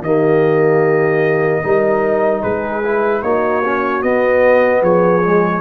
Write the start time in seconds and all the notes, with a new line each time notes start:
0.00 D#3 A#3 G4 D#5
1.63 G3 D#4 A#4
2.41 G#3 G#4 B4
2.83 E4
3.22 A#3 D#4 F#4 C#5
3.64 C#4
4.02 B3 D#5
4.81 F3 G#4 C#5
5.25 G#3